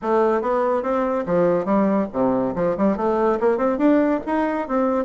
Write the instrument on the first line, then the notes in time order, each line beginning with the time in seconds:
bassoon
0.01 A3
0.41 B3
0.82 C4
1.26 F3
1.65 G3
2.12 C3
2.55 F3
2.77 G3
2.97 A3
3.39 A#3
3.57 C4
3.78 D4
4.25 D#4
4.67 C4